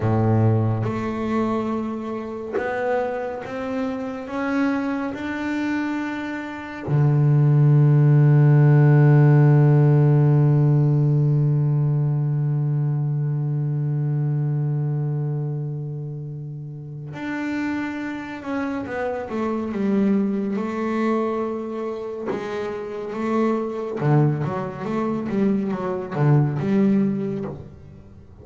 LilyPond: \new Staff \with { instrumentName = "double bass" } { \time 4/4 \tempo 4 = 70 a,4 a2 b4 | c'4 cis'4 d'2 | d1~ | d1~ |
d1 | d'4. cis'8 b8 a8 g4 | a2 gis4 a4 | d8 fis8 a8 g8 fis8 d8 g4 | }